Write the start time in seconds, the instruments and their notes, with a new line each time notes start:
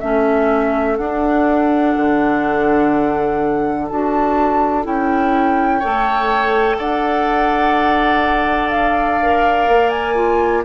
0.00 bassoon A3, clarinet C#4, oboe A4, flute E5
0.97 bassoon D4, clarinet D4, flute F#5
1.97 bassoon D3
3.89 bassoon D4, clarinet F#4, flute A5
4.84 bassoon C#4, clarinet E4, flute G5
5.79 bassoon A3, clarinet A4, oboe C#5
6.78 bassoon D4, oboe D5, flute F#5
8.70 flute F5
9.22 clarinet A#4
9.68 bassoon A#3
9.90 flute G#5
10.15 clarinet F4